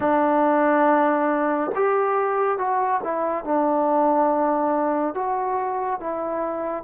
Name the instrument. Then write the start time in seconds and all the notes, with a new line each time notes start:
trombone
0.00 D4
1.75 G4
2.58 F#4
3.03 E4
3.44 D4
5.14 F#4
6.00 E4